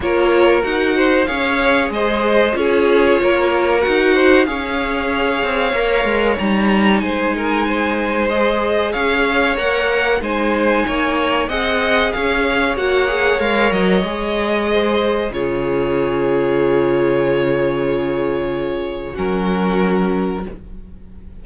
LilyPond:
<<
  \new Staff \with { instrumentName = "violin" } { \time 4/4 \tempo 4 = 94 cis''4 fis''4 f''4 dis''4 | cis''2 fis''4 f''4~ | f''2 ais''4 gis''4~ | gis''4 dis''4 f''4 fis''4 |
gis''2 fis''4 f''4 | fis''4 f''8 dis''2~ dis''8 | cis''1~ | cis''2 ais'2 | }
  \new Staff \with { instrumentName = "violin" } { \time 4/4 ais'4. c''8 cis''4 c''4 | gis'4 ais'4. c''8 cis''4~ | cis''2. c''8 ais'8 | c''2 cis''2 |
c''4 cis''4 dis''4 cis''4~ | cis''2. c''4 | gis'1~ | gis'2 fis'2 | }
  \new Staff \with { instrumentName = "viola" } { \time 4/4 f'4 fis'4 gis'2 | f'2 fis'4 gis'4~ | gis'4 ais'4 dis'2~ | dis'4 gis'2 ais'4 |
dis'2 gis'2 | fis'8 gis'8 ais'4 gis'2 | f'1~ | f'2 cis'2 | }
  \new Staff \with { instrumentName = "cello" } { \time 4/4 ais4 dis'4 cis'4 gis4 | cis'4 ais4 dis'4 cis'4~ | cis'8 c'8 ais8 gis8 g4 gis4~ | gis2 cis'4 ais4 |
gis4 ais4 c'4 cis'4 | ais4 gis8 fis8 gis2 | cis1~ | cis2 fis2 | }
>>